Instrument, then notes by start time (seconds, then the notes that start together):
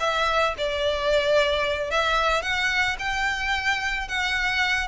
violin
0.00 E5
0.58 D5
1.91 E5
2.42 F#5
2.99 G5
4.08 F#5